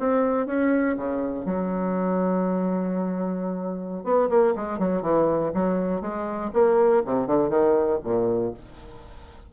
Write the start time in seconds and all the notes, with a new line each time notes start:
0.00 C4
0.47 C#4
0.97 C#3
1.46 F#3
4.04 B3
4.30 A#3
4.56 G#3
4.79 F#3
5.02 E3
5.54 F#3
6.02 G#3
6.53 A#3
7.06 C3
7.27 D3
7.50 D#3
8.04 A#2